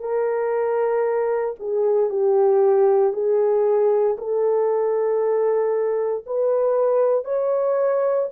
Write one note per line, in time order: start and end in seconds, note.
0.00 1.55 A#4
1.59 2.10 G#4
2.10 3.13 G4
3.13 4.17 G#4
4.18 6.25 A4
6.26 7.25 B4
7.25 8.28 C#5